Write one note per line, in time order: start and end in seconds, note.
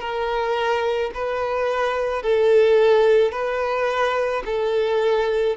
0.00 1.11 A#4
1.14 2.23 B4
2.23 3.32 A4
3.32 4.43 B4
4.45 5.57 A4